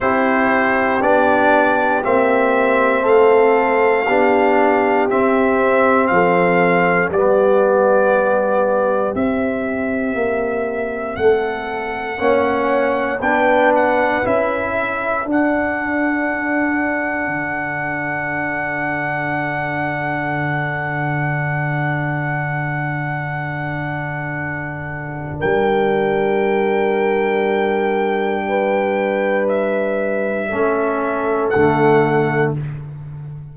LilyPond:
<<
  \new Staff \with { instrumentName = "trumpet" } { \time 4/4 \tempo 4 = 59 c''4 d''4 e''4 f''4~ | f''4 e''4 f''4 d''4~ | d''4 e''2 fis''4~ | fis''4 g''8 fis''8 e''4 fis''4~ |
fis''1~ | fis''1~ | fis''4 g''2.~ | g''4 e''2 fis''4 | }
  \new Staff \with { instrumentName = "horn" } { \time 4/4 g'2. a'4 | g'2 a'4 g'4~ | g'2. a'4 | cis''4 b'4. a'4.~ |
a'1~ | a'1~ | a'4 ais'2. | b'2 a'2 | }
  \new Staff \with { instrumentName = "trombone" } { \time 4/4 e'4 d'4 c'2 | d'4 c'2 b4~ | b4 c'2. | cis'4 d'4 e'4 d'4~ |
d'1~ | d'1~ | d'1~ | d'2 cis'4 a4 | }
  \new Staff \with { instrumentName = "tuba" } { \time 4/4 c'4 b4 ais4 a4 | b4 c'4 f4 g4~ | g4 c'4 ais4 a4 | ais4 b4 cis'4 d'4~ |
d'4 d2.~ | d1~ | d4 g2.~ | g2 a4 d4 | }
>>